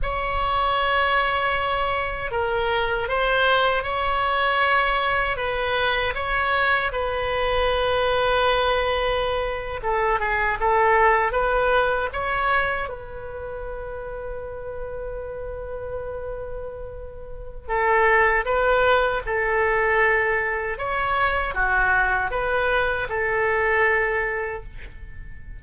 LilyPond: \new Staff \with { instrumentName = "oboe" } { \time 4/4 \tempo 4 = 78 cis''2. ais'4 | c''4 cis''2 b'4 | cis''4 b'2.~ | b'8. a'8 gis'8 a'4 b'4 cis''16~ |
cis''8. b'2.~ b'16~ | b'2. a'4 | b'4 a'2 cis''4 | fis'4 b'4 a'2 | }